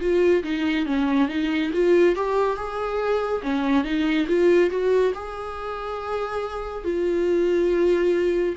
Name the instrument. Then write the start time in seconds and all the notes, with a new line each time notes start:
viola
0.00 F4
0.43 D#4
0.85 C#4
1.28 D#4
1.73 F4
2.15 G4
2.56 G#4
3.42 C#4
3.84 D#4
4.27 F4
4.70 F#4
5.14 G#4
6.84 F4